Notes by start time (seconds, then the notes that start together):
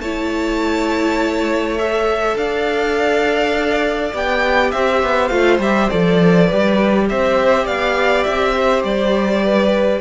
0.00 A3 E4 C#5 A5
1.78 A4 E5
2.36 D4 D5 F5
4.13 B3 G4 G5
4.71 C4 C5 E5
5.03 B3
5.28 A3 F4 F5
5.59 G3 G4 E5
5.90 F3 A4 D5
6.46 G4 B4
6.53 G3
7.09 C4 C5 E5
7.65 B3 D5 F5
8.24 C4 E5
8.56 C5
8.83 G3 D5
9.44 B4